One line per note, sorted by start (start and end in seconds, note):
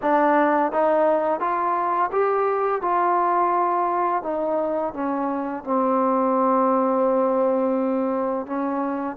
0.02 0.72 D4
0.72 1.40 D#4
1.40 2.10 F4
2.12 2.81 G4
2.81 4.23 F4
4.23 4.93 D#4
4.93 5.64 C#4
5.64 8.46 C4
8.46 9.16 C#4